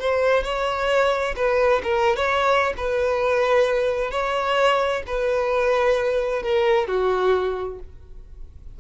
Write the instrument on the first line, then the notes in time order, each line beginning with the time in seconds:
violin
0.00 C5
0.44 C#5
1.36 B4
1.83 A#4
2.16 C#5
2.77 B4
4.11 C#5
5.07 B4
6.43 A#4
6.87 F#4